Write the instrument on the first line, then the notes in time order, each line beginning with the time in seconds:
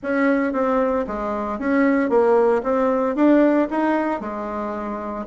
bassoon
0.02 C#4
0.52 C4
1.07 G#3
1.59 C#4
2.09 A#3
2.63 C4
3.15 D4
3.70 D#4
4.20 G#3